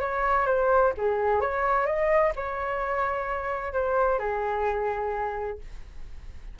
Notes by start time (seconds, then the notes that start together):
0.00 C#5
0.46 C5
0.97 G#4
1.40 C#5
1.86 D#5
2.36 C#5
3.73 C5
4.19 G#4